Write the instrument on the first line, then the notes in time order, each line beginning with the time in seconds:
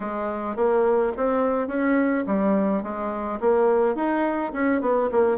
bassoon
0.00 G#3
0.56 A#3
1.16 C4
1.67 C#4
2.26 G3
2.82 G#3
3.40 A#3
3.95 D#4
4.53 C#4
4.81 B3
5.11 A#3